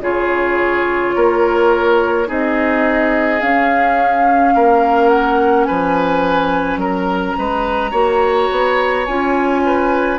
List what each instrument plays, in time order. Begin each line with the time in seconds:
0.00 bassoon C#3, clarinet F4, oboe G#4, flute C#5
1.16 bassoon A#3, oboe A#4
2.26 bassoon C4, clarinet D#4, oboe G#4, flute D#5
3.40 clarinet C#4, bassoon C#4, flute F5
4.55 bassoon A#3, oboe A#4
5.09 flute F#5
5.64 bassoon F3, oboe B4, flute G#5
6.77 bassoon F#3, oboe A#4, flute A#5
7.38 bassoon G#3, oboe B4
7.91 bassoon A#3, clarinet F#4, oboe C#5
8.51 bassoon B3
9.05 bassoon C#4, clarinet F4, flute G#5
9.66 oboe B4